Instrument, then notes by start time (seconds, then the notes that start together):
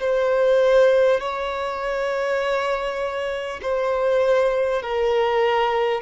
violin
0.00 C5
1.20 C#5
3.62 C5
4.82 A#4